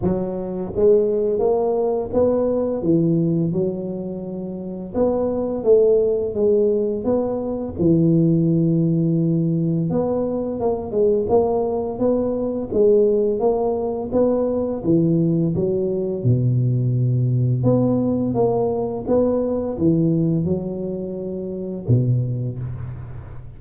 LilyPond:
\new Staff \with { instrumentName = "tuba" } { \time 4/4 \tempo 4 = 85 fis4 gis4 ais4 b4 | e4 fis2 b4 | a4 gis4 b4 e4~ | e2 b4 ais8 gis8 |
ais4 b4 gis4 ais4 | b4 e4 fis4 b,4~ | b,4 b4 ais4 b4 | e4 fis2 b,4 | }